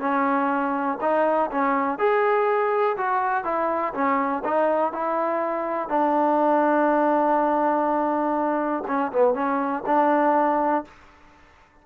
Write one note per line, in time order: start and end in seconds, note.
0.00 0.98 C#4
1.01 1.50 D#4
1.51 1.99 C#4
1.99 2.97 G#4
2.97 3.44 F#4
3.44 3.94 E4
3.94 4.43 C#4
4.45 4.93 D#4
4.93 5.89 E4
5.89 8.84 D4
8.87 9.12 C#4
9.13 9.34 B3
9.34 9.84 C#4
9.86 10.85 D4